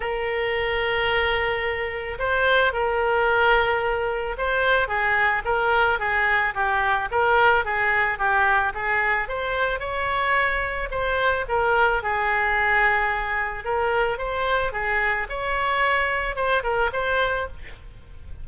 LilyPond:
\new Staff \with { instrumentName = "oboe" } { \time 4/4 \tempo 4 = 110 ais'1 | c''4 ais'2. | c''4 gis'4 ais'4 gis'4 | g'4 ais'4 gis'4 g'4 |
gis'4 c''4 cis''2 | c''4 ais'4 gis'2~ | gis'4 ais'4 c''4 gis'4 | cis''2 c''8 ais'8 c''4 | }